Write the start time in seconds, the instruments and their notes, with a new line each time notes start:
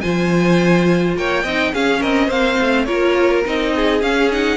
0.00 cello F3, viola F4, violin C5 G#5
1.15 cello A#3, violin C#5 G5
1.43 cello C4, viola D#4, violin D#5
1.73 viola C#4, cello C#4, violin G#4 F5
2.00 cello C4, violin A#4 D#5
2.27 cello A#3, viola C4, violin C5 F5
2.60 cello A3
2.85 cello A#3, viola F4, violin A#4 C#5
3.44 cello C4, viola D#4, violin D#5
3.75 violin G#4
4.01 cello C#4, viola C#4, violin F5
4.31 viola D#4, violin F#5